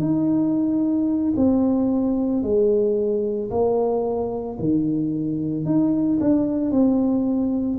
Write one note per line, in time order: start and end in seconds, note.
0.00 1.34 D#4
1.37 2.43 C4
2.43 3.50 G#3
3.51 4.58 A#3
4.60 5.65 D#3
5.65 6.19 D#4
6.21 6.72 D4
6.72 7.79 C4